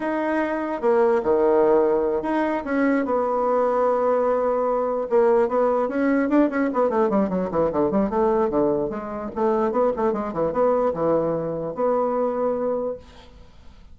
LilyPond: \new Staff \with { instrumentName = "bassoon" } { \time 4/4 \tempo 4 = 148 dis'2 ais4 dis4~ | dis4. dis'4 cis'4 b8~ | b1~ | b8 ais4 b4 cis'4 d'8 |
cis'8 b8 a8 g8 fis8 e8 d8 g8 | a4 d4 gis4 a4 | b8 a8 gis8 e8 b4 e4~ | e4 b2. | }